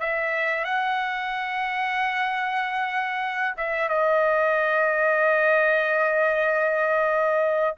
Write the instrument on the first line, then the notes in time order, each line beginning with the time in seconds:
trumpet
0.00 E5
0.65 F#5
3.57 E5
3.89 D#5